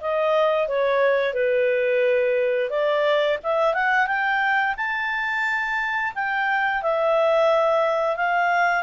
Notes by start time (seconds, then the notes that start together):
0.00 D#5
0.68 C#5
1.33 B4
2.70 D5
3.43 E5
3.74 F#5
4.06 G5
4.77 A5
6.15 G5
6.82 E5
8.16 F5